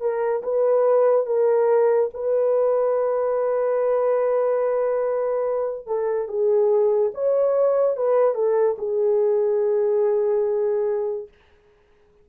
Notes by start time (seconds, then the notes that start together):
0.00 A#4
0.42 B4
1.26 A#4
2.13 B4
5.86 A4
6.28 G#4
7.14 C#5
7.96 B4
8.34 A4
8.78 G#4